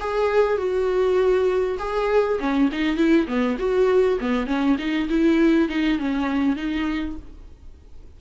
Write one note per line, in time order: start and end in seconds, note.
0.00 0.58 G#4
0.58 1.78 F#4
1.79 2.39 G#4
2.39 2.69 C#4
2.72 2.97 D#4
2.97 3.27 E4
3.27 3.57 B3
3.59 4.19 F#4
4.20 4.47 B3
4.47 4.77 C#4
4.78 5.08 D#4
5.09 5.69 E4
5.69 5.99 D#4
5.99 6.56 C#4
6.56 7.16 D#4